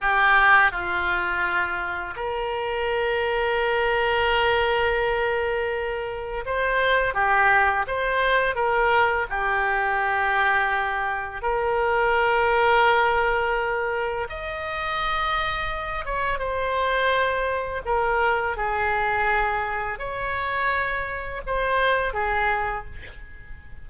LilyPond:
\new Staff \with { instrumentName = "oboe" } { \time 4/4 \tempo 4 = 84 g'4 f'2 ais'4~ | ais'1~ | ais'4 c''4 g'4 c''4 | ais'4 g'2. |
ais'1 | dis''2~ dis''8 cis''8 c''4~ | c''4 ais'4 gis'2 | cis''2 c''4 gis'4 | }